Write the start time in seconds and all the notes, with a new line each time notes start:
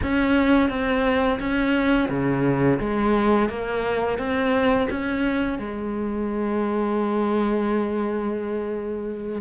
0.03 C#4
0.69 C4
1.39 C#4
2.09 C#3
2.79 G#3
3.49 A#3
4.18 C4
4.90 C#4
5.58 G#3